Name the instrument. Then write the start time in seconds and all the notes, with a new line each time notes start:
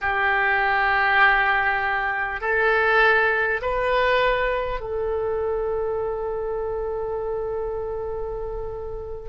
oboe
0.01 G4
2.40 A4
3.61 B4
4.80 A4